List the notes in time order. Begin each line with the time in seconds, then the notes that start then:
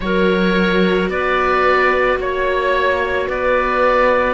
0.00 F#3 F#4 A#4 C#5
1.08 B3 B4 D5
2.18 A#3 C#5
3.27 B3 B4 D5